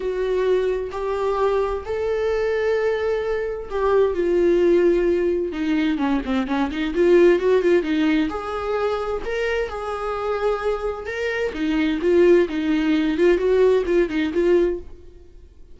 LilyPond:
\new Staff \with { instrumentName = "viola" } { \time 4/4 \tempo 4 = 130 fis'2 g'2 | a'1 | g'4 f'2. | dis'4 cis'8 c'8 cis'8 dis'8 f'4 |
fis'8 f'8 dis'4 gis'2 | ais'4 gis'2. | ais'4 dis'4 f'4 dis'4~ | dis'8 f'8 fis'4 f'8 dis'8 f'4 | }